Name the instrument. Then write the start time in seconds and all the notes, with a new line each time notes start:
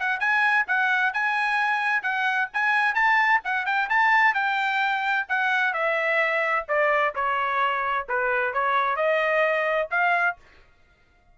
trumpet
0.00 F#5
0.20 G#5
0.68 F#5
1.14 G#5
2.03 F#5
2.54 G#5
2.95 A5
3.45 F#5
3.66 G5
3.90 A5
4.35 G5
5.29 F#5
5.74 E5
6.69 D5
7.15 C#5
8.09 B4
8.54 C#5
8.97 D#5
9.91 F5